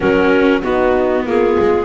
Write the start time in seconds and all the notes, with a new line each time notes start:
0.00 F#3 C#4 F#4 A#4
0.61 B3 D#4 F#4
1.25 A#3 F4 G#4
1.59 G#3